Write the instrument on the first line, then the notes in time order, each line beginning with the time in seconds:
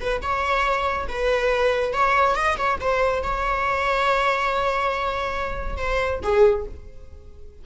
viola
0.00 B4
0.22 C#5
1.09 B4
1.93 C#5
2.36 D#5
2.57 C#5
2.80 C5
3.23 C#5
5.77 C5
6.23 G#4